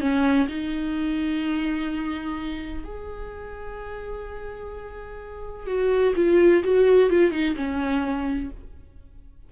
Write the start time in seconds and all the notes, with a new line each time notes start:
0.00 C#4
0.48 D#4
2.84 G#4
5.66 F#4
6.16 F4
6.64 F#4
7.10 F4
7.31 D#4
7.55 C#4